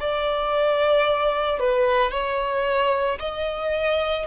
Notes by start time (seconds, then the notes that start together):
0.00 D5
1.60 B4
2.11 C#5
3.19 D#5